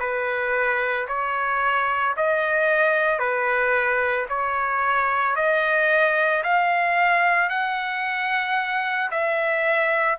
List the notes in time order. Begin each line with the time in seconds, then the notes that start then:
0.00 B4
1.08 C#5
2.17 D#5
3.19 B4
4.29 C#5
5.36 D#5
6.43 F5
7.50 F#5
9.11 E5